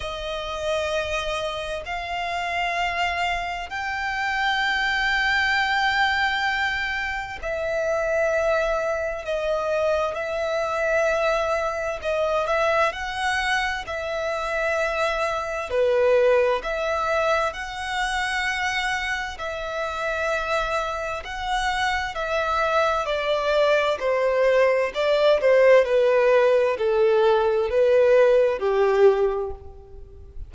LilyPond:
\new Staff \with { instrumentName = "violin" } { \time 4/4 \tempo 4 = 65 dis''2 f''2 | g''1 | e''2 dis''4 e''4~ | e''4 dis''8 e''8 fis''4 e''4~ |
e''4 b'4 e''4 fis''4~ | fis''4 e''2 fis''4 | e''4 d''4 c''4 d''8 c''8 | b'4 a'4 b'4 g'4 | }